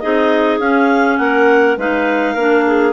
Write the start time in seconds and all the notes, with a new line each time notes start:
0.00 C4 D#4 G#4 D#5
0.59 C#4 F5
1.18 A#3 A#4 F#5
1.78 G#3 D#4 B4 F5
2.34 A#3 D4 A#4
2.67 G#4